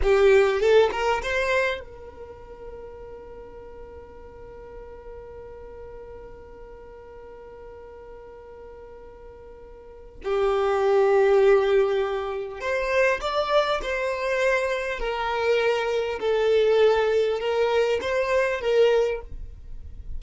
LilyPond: \new Staff \with { instrumentName = "violin" } { \time 4/4 \tempo 4 = 100 g'4 a'8 ais'8 c''4 ais'4~ | ais'1~ | ais'1~ | ais'1~ |
ais'4 g'2.~ | g'4 c''4 d''4 c''4~ | c''4 ais'2 a'4~ | a'4 ais'4 c''4 ais'4 | }